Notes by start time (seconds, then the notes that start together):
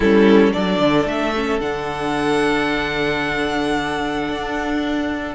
0.00 G3 C#4 E4 A4
0.53 F#3 D4 A4 D5
0.79 D3
1.05 A3 E5
1.35 C#4
1.60 D3 D4 F#5
4.28 D4